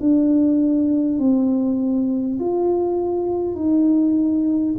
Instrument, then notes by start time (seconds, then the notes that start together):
tuba
0.00 D4
1.18 C4
2.39 F4
3.55 D#4